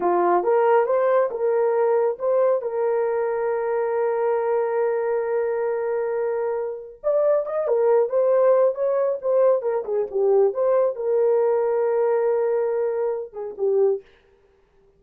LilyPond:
\new Staff \with { instrumentName = "horn" } { \time 4/4 \tempo 4 = 137 f'4 ais'4 c''4 ais'4~ | ais'4 c''4 ais'2~ | ais'1~ | ais'1 |
d''4 dis''8 ais'4 c''4. | cis''4 c''4 ais'8 gis'8 g'4 | c''4 ais'2.~ | ais'2~ ais'8 gis'8 g'4 | }